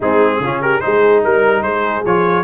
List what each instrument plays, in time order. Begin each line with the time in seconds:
0.00 tuba G#3, trombone C4, horn D#4, trumpet G#4
0.40 tuba C#3, trombone C#4, horn F4
0.61 horn G4, trumpet A#4
0.80 tuba G#3, trombone D#4, horn G#4, trumpet C5
1.24 tuba G3, horn A#4, trumpet A#4
1.62 tuba G#3, horn G#4, trumpet C5
2.05 tuba F3, trombone F4, trumpet C#5